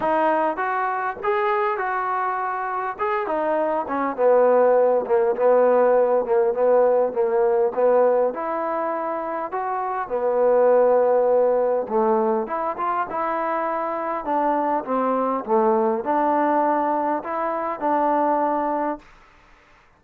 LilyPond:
\new Staff \with { instrumentName = "trombone" } { \time 4/4 \tempo 4 = 101 dis'4 fis'4 gis'4 fis'4~ | fis'4 gis'8 dis'4 cis'8 b4~ | b8 ais8 b4. ais8 b4 | ais4 b4 e'2 |
fis'4 b2. | a4 e'8 f'8 e'2 | d'4 c'4 a4 d'4~ | d'4 e'4 d'2 | }